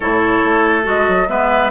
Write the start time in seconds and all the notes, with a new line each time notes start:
0.00 A2 E4 A4 C#5
0.44 A3
0.83 G#3 F#4 D#5
1.08 F#3
1.28 G#3 B3 B4 E5